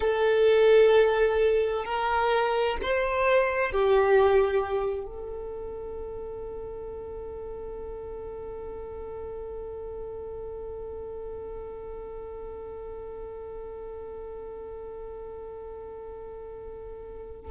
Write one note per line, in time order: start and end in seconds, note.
0.00 1.84 A4
1.85 2.77 A#4
2.82 3.72 C5
3.72 5.05 G4
5.05 17.51 A4